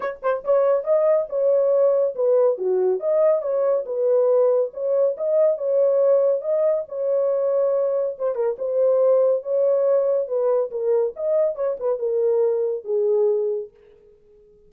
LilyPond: \new Staff \with { instrumentName = "horn" } { \time 4/4 \tempo 4 = 140 cis''8 c''8 cis''4 dis''4 cis''4~ | cis''4 b'4 fis'4 dis''4 | cis''4 b'2 cis''4 | dis''4 cis''2 dis''4 |
cis''2. c''8 ais'8 | c''2 cis''2 | b'4 ais'4 dis''4 cis''8 b'8 | ais'2 gis'2 | }